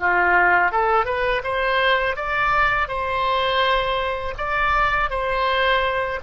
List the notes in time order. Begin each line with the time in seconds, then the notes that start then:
0.00 F4
0.72 A4
1.06 B4
1.44 C5
2.16 D5
2.88 C5
4.38 D5
5.10 C5